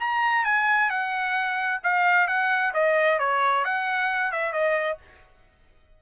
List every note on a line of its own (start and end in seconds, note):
0.00 0.45 A#5
0.45 0.90 G#5
0.90 1.81 F#5
1.84 2.28 F5
2.28 2.73 F#5
2.74 3.19 D#5
3.19 3.65 C#5
3.65 4.32 F#5
4.32 4.53 E5
4.53 4.98 D#5